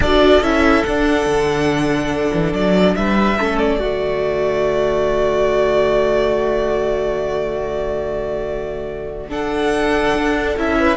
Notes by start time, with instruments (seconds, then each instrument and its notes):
0.00 cello D4, viola F#4, violin A4 D5
0.41 cello C#4, viola E4, violin E5
0.84 cello D4, viola D4, violin F#5
1.25 cello D3
2.32 cello E3
2.52 cello F#3, violin D5
2.95 cello G3, violin B4 E5
3.37 cello A3, viola C#4, violin A4
3.58 violin D5
3.78 cello D3, viola A3, violin F#4
9.29 viola D4, violin A4 F#5
10.14 cello D4
10.57 cello C#4, viola E4, violin E5
10.79 violin B4